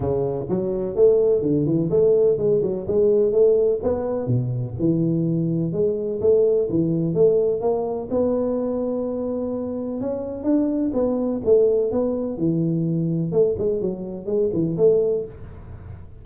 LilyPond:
\new Staff \with { instrumentName = "tuba" } { \time 4/4 \tempo 4 = 126 cis4 fis4 a4 d8 e8 | a4 gis8 fis8 gis4 a4 | b4 b,4 e2 | gis4 a4 e4 a4 |
ais4 b2.~ | b4 cis'4 d'4 b4 | a4 b4 e2 | a8 gis8 fis4 gis8 e8 a4 | }